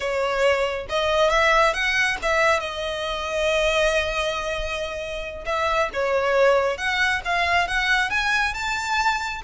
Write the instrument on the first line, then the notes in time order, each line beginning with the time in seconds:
violin
0.00 C#5
0.89 D#5
1.30 E5
1.73 F#5
2.22 E5
2.60 D#5
5.45 E5
5.93 C#5
6.77 F#5
7.24 F5
7.67 F#5
8.10 G#5
8.53 A5